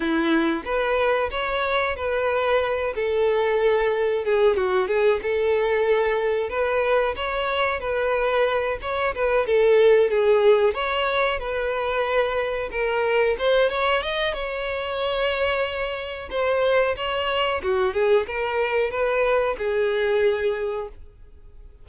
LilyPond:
\new Staff \with { instrumentName = "violin" } { \time 4/4 \tempo 4 = 92 e'4 b'4 cis''4 b'4~ | b'8 a'2 gis'8 fis'8 gis'8 | a'2 b'4 cis''4 | b'4. cis''8 b'8 a'4 gis'8~ |
gis'8 cis''4 b'2 ais'8~ | ais'8 c''8 cis''8 dis''8 cis''2~ | cis''4 c''4 cis''4 fis'8 gis'8 | ais'4 b'4 gis'2 | }